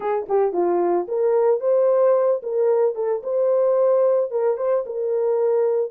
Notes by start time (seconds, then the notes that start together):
0.00 G#4
0.29 G4
0.52 F4
1.08 A#4
1.60 C5
2.42 A#4
2.95 A4
3.23 C5
4.30 A#4
4.57 C5
4.86 A#4